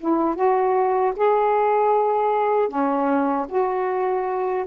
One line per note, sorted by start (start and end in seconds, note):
0.00 0.36 E4
0.36 1.14 F#4
1.16 2.69 G#4
2.69 3.47 C#4
3.49 4.66 F#4